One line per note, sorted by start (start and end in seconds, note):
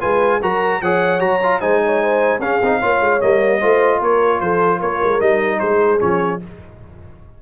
0.00 0.42 G#3
0.00 0.40 F4
0.00 0.40 B4
0.00 0.40 G#5
0.41 0.81 F#3
0.41 0.82 F#4
0.41 0.81 A#4
0.41 0.82 A#5
0.81 1.20 F3
0.81 1.19 G#4
0.81 1.60 C#5
0.81 1.20 F#5
1.19 1.60 F#3
1.19 1.39 F#4
1.19 1.60 A#5
1.43 1.60 F4
1.60 2.39 G#3
1.60 2.40 D#4
1.60 1.80 C5
1.60 2.40 G#5
1.85 2.02 C#5
2.02 2.40 C5
2.39 2.59 C#4
2.39 2.62 C#4
2.39 2.79 G#4
2.39 3.20 F5
2.61 2.81 C4
2.61 2.81 D#4
2.79 3.00 A#3
2.79 3.21 F4
2.79 3.59 C#5
3.00 3.20 G#3
3.21 3.62 G3
3.21 3.61 A#3
3.21 4.01 D#5
3.59 4.00 A3
3.59 5.20 F4
3.59 3.99 C5
4.00 4.40 A#3
4.00 4.40 A#4
4.00 4.40 C#5
4.40 4.80 F3
4.40 4.79 A4
4.40 4.80 C5
4.79 5.02 A#3
4.79 5.59 A#4
4.79 5.20 C#5
5.03 5.20 G#3
5.20 5.60 G3
5.20 5.99 D#4
5.20 5.59 D#5
5.59 6.01 G#3
5.59 6.42 G#4
5.59 5.99 C5
5.99 6.42 F3
5.99 6.39 C#4
5.99 6.40 C#5